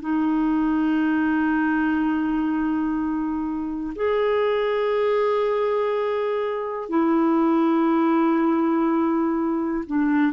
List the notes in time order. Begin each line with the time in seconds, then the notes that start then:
0.00 D#4
3.95 G#4
6.89 E4
9.87 D4